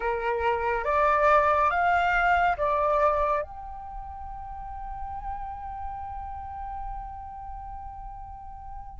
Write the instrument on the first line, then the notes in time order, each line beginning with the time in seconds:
flute
0.00 A#4
0.84 D5
1.70 F5
2.57 D5
3.42 G5